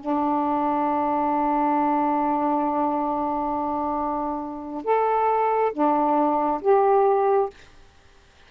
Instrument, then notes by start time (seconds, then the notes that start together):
saxophone
0.00 D4
4.84 A4
5.73 D4
6.61 G4